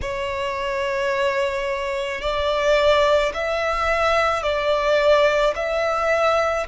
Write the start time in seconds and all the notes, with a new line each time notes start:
0.01 C#5
2.21 D5
3.34 E5
4.42 D5
5.55 E5